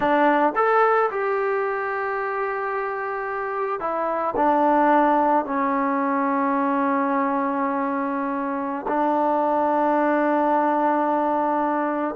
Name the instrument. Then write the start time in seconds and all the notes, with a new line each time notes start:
trombone
0.00 D4
0.55 A4
1.10 G4
3.80 E4
4.36 D4
5.45 C#4
8.88 D4